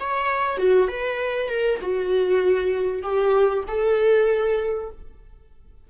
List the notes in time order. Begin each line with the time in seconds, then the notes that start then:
0.00 C#5
0.58 F#4
0.88 B4
1.49 A#4
1.81 F#4
3.02 G4
3.68 A4